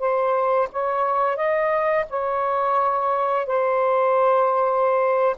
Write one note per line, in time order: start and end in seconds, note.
0.00 0.69 C5
0.72 1.37 C#5
1.37 2.06 D#5
2.10 3.47 C#5
3.47 5.36 C5